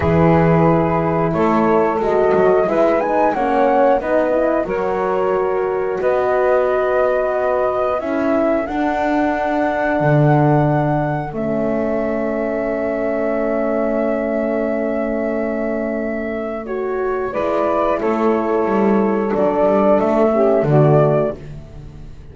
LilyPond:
<<
  \new Staff \with { instrumentName = "flute" } { \time 4/4 \tempo 4 = 90 b'2 cis''4 dis''4 | e''8 gis''8 fis''4 dis''4 cis''4~ | cis''4 dis''2. | e''4 fis''2.~ |
fis''4 e''2.~ | e''1~ | e''4 cis''4 d''4 cis''4~ | cis''4 d''4 e''4 d''4 | }
  \new Staff \with { instrumentName = "saxophone" } { \time 4/4 gis'2 a'2 | b'4 cis''4 b'4 ais'4~ | ais'4 b'2. | a'1~ |
a'1~ | a'1~ | a'2 b'4 a'4~ | a'2~ a'8 g'8 fis'4 | }
  \new Staff \with { instrumentName = "horn" } { \time 4/4 e'2. fis'4 | e'8 dis'8 cis'4 dis'8 e'8 fis'4~ | fis'1 | e'4 d'2.~ |
d'4 cis'2.~ | cis'1~ | cis'4 fis'4 e'2~ | e'4 d'4. cis'8 a4 | }
  \new Staff \with { instrumentName = "double bass" } { \time 4/4 e2 a4 gis8 fis8 | gis4 ais4 b4 fis4~ | fis4 b2. | cis'4 d'2 d4~ |
d4 a2.~ | a1~ | a2 gis4 a4 | g4 fis8 g8 a4 d4 | }
>>